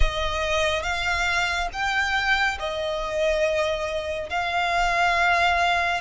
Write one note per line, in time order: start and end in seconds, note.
0.00 0.82 D#5
0.82 1.68 F5
1.72 2.58 G5
2.59 4.29 D#5
4.29 6.00 F5